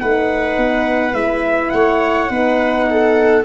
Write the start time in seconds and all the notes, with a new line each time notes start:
0.00 A3 D#4 B4 F#5
0.57 B3
1.13 G#3 E4 E5
1.70 A3 C#5 F#5
2.28 B3 D#4 B4
2.90 A4